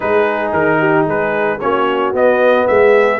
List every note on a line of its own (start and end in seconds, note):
0.00 0.52 G#3
0.00 1.59 D#4
0.00 0.79 G#4
0.00 0.52 B4
0.52 1.06 D#3
0.52 1.06 A#4
0.79 1.05 G4
1.05 1.60 G#3
1.05 1.58 G#4
1.05 1.59 B4
1.59 2.12 A#3
1.59 2.13 C#4
1.59 2.68 F#4
1.59 2.13 C#5
2.12 2.65 B3
2.12 3.20 B3
2.12 2.67 D#5
2.67 3.20 G#3
2.67 3.20 G#4
2.67 3.20 E5